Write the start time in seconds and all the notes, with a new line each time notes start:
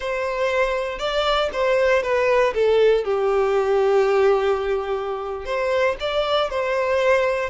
0.00 C5
0.98 D5
1.52 C5
2.02 B4
2.54 A4
3.04 G4
5.45 C5
6.00 D5
6.50 C5